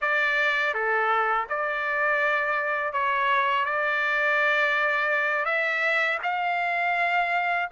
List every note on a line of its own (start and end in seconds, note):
0.01 0.74 D5
0.74 1.47 A4
1.49 2.92 D5
2.92 3.65 C#5
3.65 5.45 D5
5.45 6.18 E5
6.22 7.69 F5